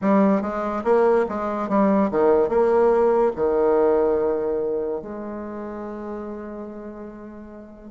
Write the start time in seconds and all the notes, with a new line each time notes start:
0.01 G3
0.41 G#3
0.84 A#3
1.28 G#3
1.69 G3
2.11 D#3
2.48 A#3
3.35 D#3
5.02 G#3